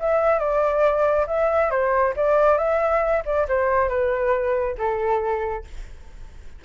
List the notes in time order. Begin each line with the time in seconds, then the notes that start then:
0.00 E5
0.39 D5
1.27 E5
1.71 C5
2.16 D5
2.58 E5
3.25 D5
3.48 C5
3.89 B4
4.78 A4